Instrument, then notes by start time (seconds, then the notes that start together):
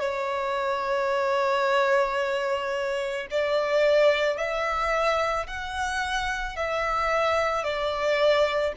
violin
0.00 C#5
3.31 D5
4.37 E5
5.47 F#5
6.57 E5
7.64 D5